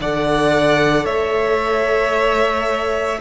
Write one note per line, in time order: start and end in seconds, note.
0.00 1.06 D3
0.00 3.21 A4
0.00 1.05 D5
0.00 1.06 F#5
1.05 3.20 A3
1.05 3.19 C#5
1.05 3.21 E5